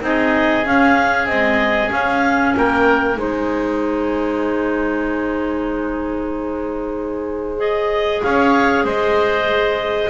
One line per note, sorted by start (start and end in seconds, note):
0.00 0.65 C4
0.00 0.63 D#4
0.00 2.56 G#4
0.00 0.66 D#5
0.64 1.27 C#4
0.64 1.26 C#4
0.64 1.27 F5
1.26 1.88 G#3
1.26 1.89 C4
1.26 1.90 D#5
1.88 3.14 C#4
1.88 2.54 C#4
1.88 2.54 F5
2.57 3.16 A#3
2.57 3.19 A#4
2.57 3.18 G5
3.16 8.21 G#3
3.16 7.57 D#4
3.16 8.23 C5
3.16 7.59 G#5
7.57 10.10 G#4
7.57 8.22 D#5
8.22 8.84 C#4
8.22 8.84 C#5
8.22 8.85 F5
8.84 10.10 G#3
8.84 10.10 C5
8.84 10.10 D#5